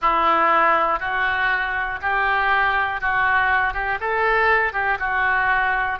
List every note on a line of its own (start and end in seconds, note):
0.01 1.00 E4
1.00 2.00 F#4
2.01 3.00 G4
3.00 3.73 F#4
3.73 3.98 G4
4.00 4.73 A4
4.73 4.97 G4
4.99 5.99 F#4